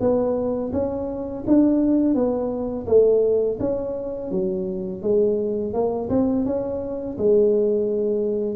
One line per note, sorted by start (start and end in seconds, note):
0.00 0.71 B3
0.73 1.44 C#4
1.47 2.15 D4
2.15 2.86 B3
2.87 3.58 A3
3.60 4.31 C#4
4.31 5.02 F#3
5.02 5.73 G#3
5.73 6.09 A#3
6.09 6.45 C4
6.45 7.17 C#4
7.18 8.56 G#3